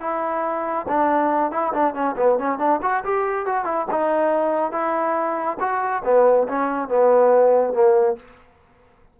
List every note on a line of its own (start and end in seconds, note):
0.00 0.86 E4
0.88 1.51 D4
1.51 1.72 E4
1.73 1.94 D4
1.94 2.15 C#4
2.17 2.38 B3
2.38 2.58 C#4
2.58 2.80 D4
2.82 3.03 F#4
3.04 3.45 G4
3.45 3.64 F#4
3.64 3.86 E4
3.91 4.71 D#4
4.71 5.57 E4
5.59 6.02 F#4
6.04 6.47 B3
6.48 6.88 C#4
6.88 7.73 B3
7.73 8.16 A#3